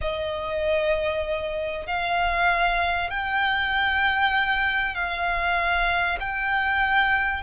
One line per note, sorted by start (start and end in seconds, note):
0.01 1.86 D#5
1.86 3.10 F5
3.10 4.94 G5
4.94 6.18 F5
6.20 7.42 G5